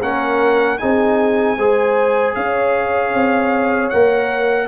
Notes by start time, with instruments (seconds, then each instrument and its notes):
0.00 tuba A#3, trombone C#4, horn A#4, trumpet F#5
0.78 tuba C4, trombone D#4, horn G#4, trumpet G#5
1.57 tuba G#3, trombone G#4, horn C5
2.35 tuba C#4, horn C#5, trumpet F5
3.14 tuba C4
3.89 tuba A#3, trombone A#4, trumpet F#5